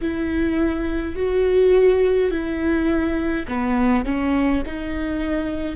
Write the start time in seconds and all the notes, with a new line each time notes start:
0.01 E4
1.15 F#4
2.30 E4
3.48 B3
4.05 C#4
4.66 D#4